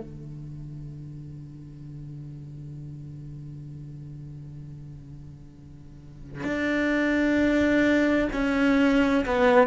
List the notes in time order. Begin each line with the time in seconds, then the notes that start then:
0.00 D3
6.44 D4
8.32 C#4
9.25 B3